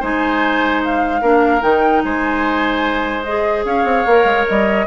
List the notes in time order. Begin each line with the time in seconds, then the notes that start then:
0.00 G#3 D#4 C5 G#5
0.84 F5
1.21 A#3 D4 A#4
1.61 D#3 D#4 G5
2.04 G#3 C5 G#5
3.23 G#4 D#5
3.65 C#4 C#5 F5
3.84 C4
4.06 A#3 A#4
4.24 G#3
4.48 G3 D#5